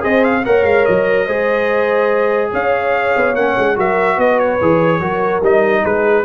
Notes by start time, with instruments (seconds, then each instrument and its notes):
0.00 tuba C4, trombone G#4, horn C5, trumpet D#5
0.24 trumpet F5
0.45 tuba A#3, trombone A#4, horn C#5, trumpet F#5
0.63 tuba G#3, trumpet F5
0.85 tuba F#3, trumpet D#5
1.26 tuba G#3, trombone G#4, horn C5
2.52 tuba C#4, horn C#5, trumpet F5
3.16 tuba B3
3.35 tuba A#3, trombone C#4, trumpet F#5
3.58 tuba G#3
3.76 tuba F#3, trombone F#4, horn A#4, trumpet E5
4.16 tuba B3, horn B4, trumpet D#5
4.39 trumpet C#5
4.61 tuba E3, trombone G#4
5.00 tuba F#3, trombone F#4, horn A#4
5.42 tuba G3, trombone D#4, trumpet D#5
5.83 tuba G#3, horn G#4, trumpet B4